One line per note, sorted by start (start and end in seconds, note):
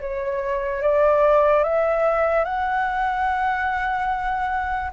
0.00 0.81 C#5
0.81 1.63 D5
1.63 2.44 E5
2.44 4.91 F#5